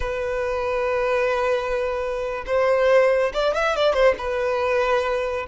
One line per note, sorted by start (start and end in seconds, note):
0.00 2.44 B4
2.46 3.32 C5
3.33 3.54 D5
3.54 3.76 E5
3.76 3.93 D5
3.93 4.15 C5
4.18 5.46 B4